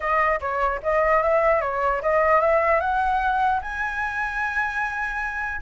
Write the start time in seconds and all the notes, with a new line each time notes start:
0.00 D#5
0.40 C#5
0.83 D#5
1.22 E5
1.61 C#5
2.01 D#5
2.40 E5
2.80 F#5
3.61 G#5